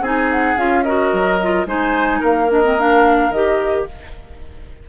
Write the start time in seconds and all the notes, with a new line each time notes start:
0.00 C4 D#4 G#4 G#5
0.32 F#5
0.57 C#4 F4 F5
0.83 F#4 A#4 D#5
1.13 F#3
1.42 F4
1.65 G#3 D#4 C5 G#5
2.20 A#3 A#4 F5
2.49 D4 D#5
2.64 C4
2.78 D4 F5
3.30 D#3 G4 D#5